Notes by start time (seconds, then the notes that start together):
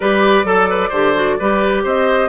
0.00 G3 G4 B4 D5
0.44 F#3 A4
0.69 B4
0.89 D3 G4 C5
1.15 F#4
1.39 G3 G4 B4
1.83 C4 C5 D#5